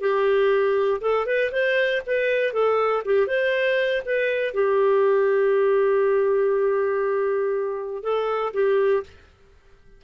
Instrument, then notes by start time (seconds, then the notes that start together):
clarinet
0.00 G4
1.01 A4
1.26 B4
1.51 C5
2.06 B4
2.53 A4
3.04 G4
3.27 C5
4.05 B4
4.53 G4
8.03 A4
8.53 G4